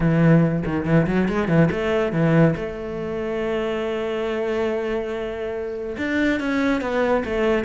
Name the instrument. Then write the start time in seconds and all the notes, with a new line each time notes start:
cello
0.00 E3
0.65 D#3
0.85 E3
1.07 F#3
1.28 G#3
1.48 E3
1.71 A3
2.12 E3
2.56 A3
5.97 D4
6.40 C#4
6.81 B3
7.24 A3